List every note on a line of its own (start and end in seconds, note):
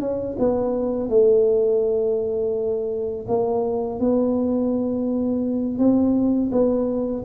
0.00 0.36 C#4
0.38 1.09 B3
1.09 3.26 A3
3.28 3.99 A#3
3.99 5.78 B3
5.78 6.51 C4
6.51 7.24 B3